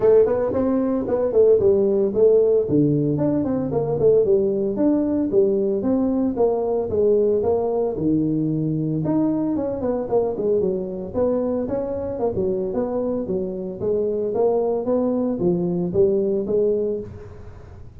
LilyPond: \new Staff \with { instrumentName = "tuba" } { \time 4/4 \tempo 4 = 113 a8 b8 c'4 b8 a8 g4 | a4 d4 d'8 c'8 ais8 a8 | g4 d'4 g4 c'4 | ais4 gis4 ais4 dis4~ |
dis4 dis'4 cis'8 b8 ais8 gis8 | fis4 b4 cis'4 ais16 fis8. | b4 fis4 gis4 ais4 | b4 f4 g4 gis4 | }